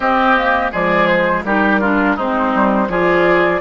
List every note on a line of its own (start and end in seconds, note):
0.00 0.70 C4
0.00 0.37 C4
0.00 0.71 G4
0.00 0.72 D#5
0.37 0.71 A#3
0.71 1.44 F3
0.71 1.44 G#3
0.71 1.43 G#4
0.71 1.07 D5
1.07 1.43 C5
1.44 2.16 G3
1.44 1.82 D#4
1.44 1.80 G4
1.44 2.17 A#4
1.80 2.18 D4
1.80 2.16 F4
2.16 2.54 G#3
2.16 2.88 C4
2.16 2.88 D#4
2.16 2.90 C5
2.54 2.88 G3
2.88 3.61 F3
2.88 3.61 F4
2.88 3.61 G#4
2.88 3.61 D5